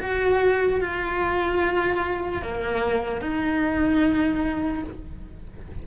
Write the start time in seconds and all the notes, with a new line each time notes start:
0.00 F#4
0.81 F4
2.42 A#3
3.21 D#4